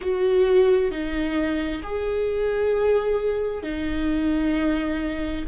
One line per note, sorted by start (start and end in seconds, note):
0.01 0.91 F#4
0.91 1.82 D#4
1.82 3.62 G#4
3.62 5.44 D#4